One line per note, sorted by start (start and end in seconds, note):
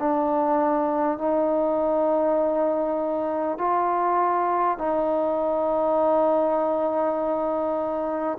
0.00 1.19 D4
1.19 3.58 D#4
3.58 4.78 F4
4.79 8.39 D#4